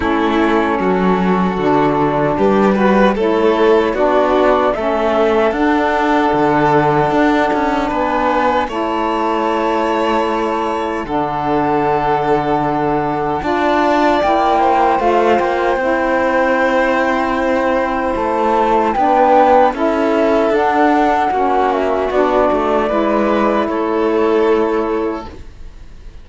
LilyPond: <<
  \new Staff \with { instrumentName = "flute" } { \time 4/4 \tempo 4 = 76 a'2. b'4 | cis''4 d''4 e''4 fis''4~ | fis''2 gis''4 a''4~ | a''2 fis''2~ |
fis''4 a''4 g''4 f''8 g''8~ | g''2. a''4 | g''4 e''4 fis''4. e''8 | d''2 cis''2 | }
  \new Staff \with { instrumentName = "violin" } { \time 4/4 e'4 fis'2 g'8 b'8 | a'4 fis'4 a'2~ | a'2 b'4 cis''4~ | cis''2 a'2~ |
a'4 d''4. c''4.~ | c''1 | b'4 a'2 fis'4~ | fis'4 b'4 a'2 | }
  \new Staff \with { instrumentName = "saxophone" } { \time 4/4 cis'2 d'4. fis'8 | e'4 d'4 cis'4 d'4~ | d'2. e'4~ | e'2 d'2~ |
d'4 f'4 e'4 f'4 | e'1 | d'4 e'4 d'4 cis'4 | d'4 e'2. | }
  \new Staff \with { instrumentName = "cello" } { \time 4/4 a4 fis4 d4 g4 | a4 b4 a4 d'4 | d4 d'8 cis'8 b4 a4~ | a2 d2~ |
d4 d'4 ais4 a8 ais8 | c'2. a4 | b4 cis'4 d'4 ais4 | b8 a8 gis4 a2 | }
>>